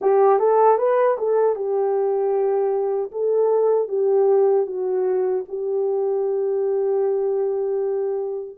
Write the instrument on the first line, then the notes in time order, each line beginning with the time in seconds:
horn
0.01 G4
0.39 A4
0.78 B4
1.18 A4
1.55 G4
3.11 A4
3.88 G4
4.66 F#4
5.48 G4